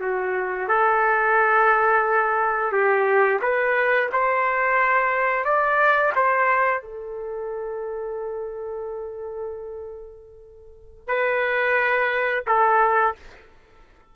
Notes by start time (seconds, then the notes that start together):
0.00 F#4
0.68 A4
2.72 G4
3.41 B4
4.12 C5
5.44 D5
6.15 C5
6.82 A4
11.07 B4
12.46 A4